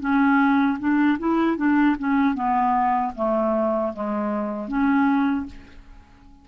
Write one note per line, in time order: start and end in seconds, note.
0.00 0.78 C#4
0.79 1.18 D4
1.19 1.57 E4
1.57 1.96 D4
1.99 2.34 C#4
2.34 3.12 B3
3.15 3.93 A3
3.93 4.68 G#3
4.68 5.46 C#4